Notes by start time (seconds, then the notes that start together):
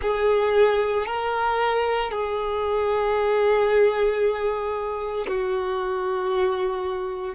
0.01 G#4
1.06 A#4
2.11 G#4
5.27 F#4